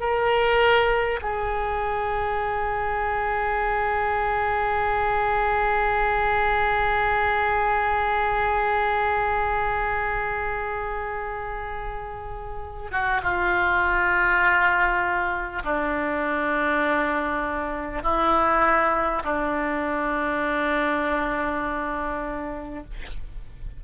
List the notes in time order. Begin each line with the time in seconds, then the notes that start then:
0.00 A#4
1.22 G#4
12.92 F#4
13.23 F4
15.64 D4
18.03 E4
19.24 D4